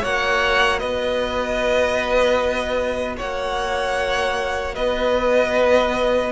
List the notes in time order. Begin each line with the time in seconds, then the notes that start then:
0.00 A#3 F#4 C#5 F#5
0.79 B3 B4 D#5
3.17 A#3 C#5 F#5
4.75 B3 B4 D#5